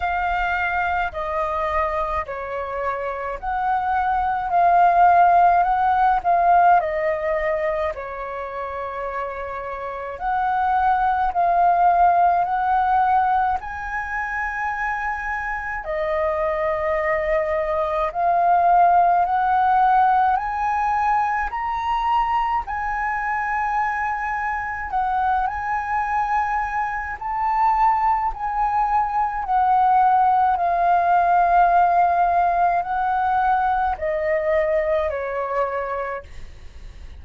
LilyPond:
\new Staff \with { instrumentName = "flute" } { \time 4/4 \tempo 4 = 53 f''4 dis''4 cis''4 fis''4 | f''4 fis''8 f''8 dis''4 cis''4~ | cis''4 fis''4 f''4 fis''4 | gis''2 dis''2 |
f''4 fis''4 gis''4 ais''4 | gis''2 fis''8 gis''4. | a''4 gis''4 fis''4 f''4~ | f''4 fis''4 dis''4 cis''4 | }